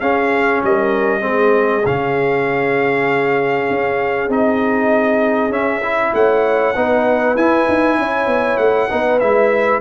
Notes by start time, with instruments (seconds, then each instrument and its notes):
0.00 tuba C#4, trombone C#4, horn G#4, trumpet F5
0.63 tuba G3, horn A#4, trumpet D#5
1.20 tuba G#3, trombone C4, horn G#4
1.86 tuba C#3, trombone C#4, trumpet F5
3.70 tuba C#4
4.28 tuba C4, trombone D#4, trumpet D#5
5.49 tuba C#4, trombone C#4, trumpet E5
5.83 trombone E4
6.13 tuba A3, horn C#5, trumpet F#5
6.76 tuba B3, trombone D#4, horn B4
7.35 tuba E4, trombone E4, trumpet G#5
7.68 tuba D#4
7.98 tuba C#4, horn C#5
8.27 tuba B3
8.57 tuba A3, trumpet F#5
8.89 tuba B3, trombone D#4, horn B4
9.19 tuba G#3, trombone E4, trumpet E5